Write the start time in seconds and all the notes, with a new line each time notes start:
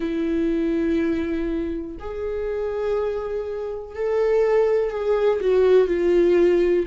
0.00 E4
1.99 G#4
3.95 A4
4.90 G#4
5.41 F#4
5.87 F4